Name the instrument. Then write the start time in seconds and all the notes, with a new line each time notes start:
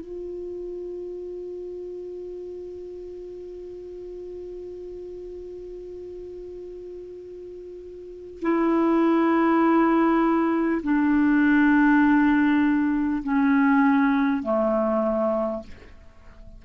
clarinet
0.00 F4
8.42 E4
10.83 D4
13.23 C#4
14.43 A3